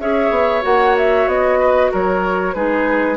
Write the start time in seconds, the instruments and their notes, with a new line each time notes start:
0.00 bassoon C#4, clarinet G#4, oboe C#5, flute E5
0.31 bassoon B3
0.62 bassoon A#3, clarinet F#4, flute F#5
0.98 flute E5
1.27 bassoon B3, flute D#5
1.60 oboe B4
1.91 bassoon F#3, oboe A#4, flute C#5
2.54 bassoon G#3, clarinet D#4, oboe G#4, flute B4